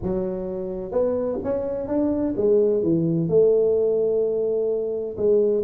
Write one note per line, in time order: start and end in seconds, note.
0.02 0.91 F#3
0.91 1.38 B3
1.43 1.87 C#4
1.87 2.34 D4
2.37 2.82 G#3
2.82 3.29 E3
3.29 5.16 A3
5.17 5.64 G#3